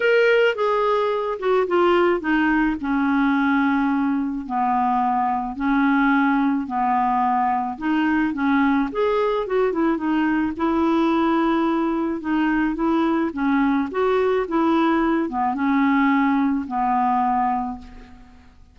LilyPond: \new Staff \with { instrumentName = "clarinet" } { \time 4/4 \tempo 4 = 108 ais'4 gis'4. fis'8 f'4 | dis'4 cis'2. | b2 cis'2 | b2 dis'4 cis'4 |
gis'4 fis'8 e'8 dis'4 e'4~ | e'2 dis'4 e'4 | cis'4 fis'4 e'4. b8 | cis'2 b2 | }